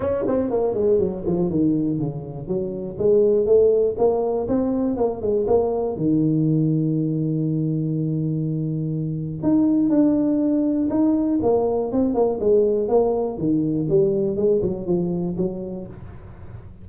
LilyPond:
\new Staff \with { instrumentName = "tuba" } { \time 4/4 \tempo 4 = 121 cis'8 c'8 ais8 gis8 fis8 f8 dis4 | cis4 fis4 gis4 a4 | ais4 c'4 ais8 gis8 ais4 | dis1~ |
dis2. dis'4 | d'2 dis'4 ais4 | c'8 ais8 gis4 ais4 dis4 | g4 gis8 fis8 f4 fis4 | }